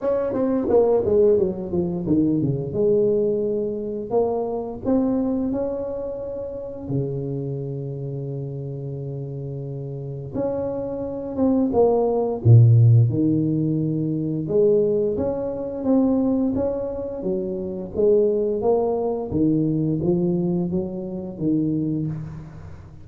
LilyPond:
\new Staff \with { instrumentName = "tuba" } { \time 4/4 \tempo 4 = 87 cis'8 c'8 ais8 gis8 fis8 f8 dis8 cis8 | gis2 ais4 c'4 | cis'2 cis2~ | cis2. cis'4~ |
cis'8 c'8 ais4 ais,4 dis4~ | dis4 gis4 cis'4 c'4 | cis'4 fis4 gis4 ais4 | dis4 f4 fis4 dis4 | }